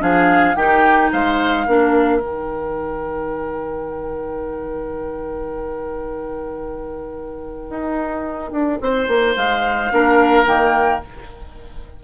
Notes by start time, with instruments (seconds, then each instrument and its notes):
0.00 bassoon F3, clarinet D4, oboe G#4, flute F5
0.55 bassoon D#3, clarinet D#4, oboe G4, flute G5
1.12 bassoon G#3, oboe C5, flute F5
1.67 bassoon A#3, clarinet D4, oboe A#4
2.21 bassoon D#3, clarinet D#4, flute G5
7.70 bassoon D#4
8.52 bassoon D4
8.81 bassoon C4, oboe C5
9.08 bassoon A#3
9.36 bassoon G#3, flute F5
9.92 bassoon A#3, clarinet D4, oboe A#4
10.46 bassoon D#3, clarinet A#3, flute G5